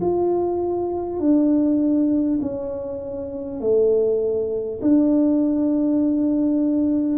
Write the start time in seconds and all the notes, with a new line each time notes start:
0.00 F4
1.19 D4
2.41 C#4
3.60 A3
4.81 D4